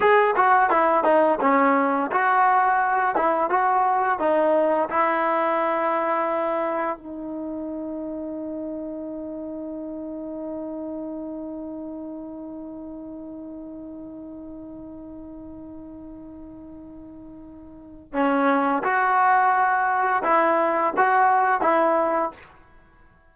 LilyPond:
\new Staff \with { instrumentName = "trombone" } { \time 4/4 \tempo 4 = 86 gis'8 fis'8 e'8 dis'8 cis'4 fis'4~ | fis'8 e'8 fis'4 dis'4 e'4~ | e'2 dis'2~ | dis'1~ |
dis'1~ | dis'1~ | dis'2 cis'4 fis'4~ | fis'4 e'4 fis'4 e'4 | }